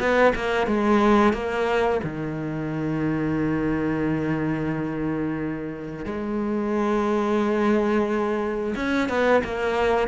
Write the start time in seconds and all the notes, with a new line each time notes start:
0.00 B3
0.35 A#3
0.67 G#3
1.34 A#3
2.04 D#3
6.06 G#3
8.76 C#4
9.09 B3
9.44 A#3